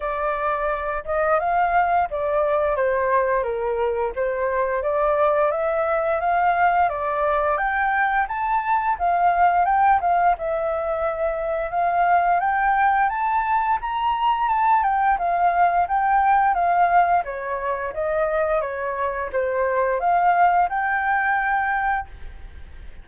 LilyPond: \new Staff \with { instrumentName = "flute" } { \time 4/4 \tempo 4 = 87 d''4. dis''8 f''4 d''4 | c''4 ais'4 c''4 d''4 | e''4 f''4 d''4 g''4 | a''4 f''4 g''8 f''8 e''4~ |
e''4 f''4 g''4 a''4 | ais''4 a''8 g''8 f''4 g''4 | f''4 cis''4 dis''4 cis''4 | c''4 f''4 g''2 | }